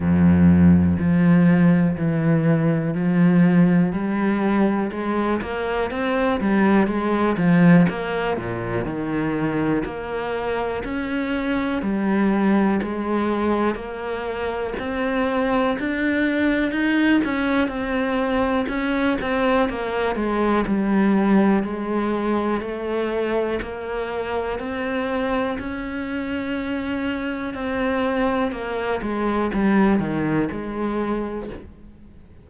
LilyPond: \new Staff \with { instrumentName = "cello" } { \time 4/4 \tempo 4 = 61 f,4 f4 e4 f4 | g4 gis8 ais8 c'8 g8 gis8 f8 | ais8 ais,8 dis4 ais4 cis'4 | g4 gis4 ais4 c'4 |
d'4 dis'8 cis'8 c'4 cis'8 c'8 | ais8 gis8 g4 gis4 a4 | ais4 c'4 cis'2 | c'4 ais8 gis8 g8 dis8 gis4 | }